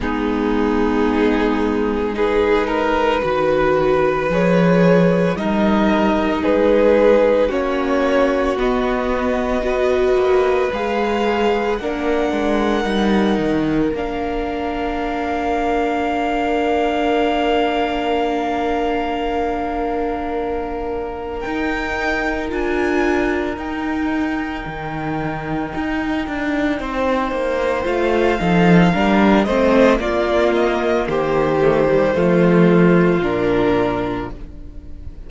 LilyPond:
<<
  \new Staff \with { instrumentName = "violin" } { \time 4/4 \tempo 4 = 56 gis'2 b'2 | cis''4 dis''4 b'4 cis''4 | dis''2 f''4 fis''4~ | fis''4 f''2.~ |
f''1 | g''4 gis''4 g''2~ | g''2 f''4. dis''8 | d''8 dis''8 c''2 ais'4 | }
  \new Staff \with { instrumentName = "violin" } { \time 4/4 dis'2 gis'8 ais'8 b'4~ | b'4 ais'4 gis'4 fis'4~ | fis'4 b'2 ais'4~ | ais'1~ |
ais'1~ | ais'1~ | ais'4 c''4. a'8 ais'8 c''8 | f'4 g'4 f'2 | }
  \new Staff \with { instrumentName = "viola" } { \time 4/4 b2 dis'4 fis'4 | gis'4 dis'2 cis'4 | b4 fis'4 gis'4 d'4 | dis'4 d'2.~ |
d'1 | dis'4 f'4 dis'2~ | dis'2 f'8 dis'8 d'8 c'8 | ais4. a16 g16 a4 d'4 | }
  \new Staff \with { instrumentName = "cello" } { \time 4/4 gis2. dis4 | f4 g4 gis4 ais4 | b4. ais8 gis4 ais8 gis8 | g8 dis8 ais2.~ |
ais1 | dis'4 d'4 dis'4 dis4 | dis'8 d'8 c'8 ais8 a8 f8 g8 a8 | ais4 dis4 f4 ais,4 | }
>>